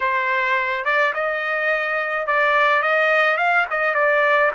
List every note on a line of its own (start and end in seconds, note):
0.00 0.85 C5
0.85 1.13 D5
1.13 2.26 D#5
2.26 2.82 D5
2.82 3.37 D#5
3.37 3.65 F5
3.70 3.94 D#5
3.94 4.51 D5